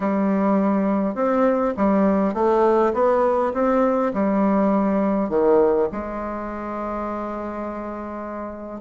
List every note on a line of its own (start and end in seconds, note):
0.00 1.15 G3
1.15 1.74 C4
1.76 2.34 G3
2.34 2.93 A3
2.93 3.52 B3
3.53 4.12 C4
4.13 5.29 G3
5.29 5.88 D#3
5.91 8.81 G#3